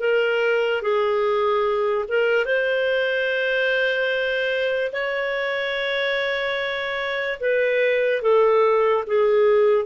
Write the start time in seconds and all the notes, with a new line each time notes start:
0.00 A#4
0.82 G#4
2.08 A#4
2.45 C5
4.92 C#5
7.40 B4
8.22 A4
9.06 G#4